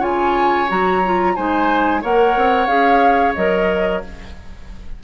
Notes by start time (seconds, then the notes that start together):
0.00 C#3 F4 C#5 G#5
0.69 F#3 F#4 A#5
1.05 F4
1.36 G#3 D#4 C5 G#5
2.02 A#3 A#4 C#5 F#5
2.37 C4
2.67 C#4 G#4 F5
3.35 F#3 A#4 D#5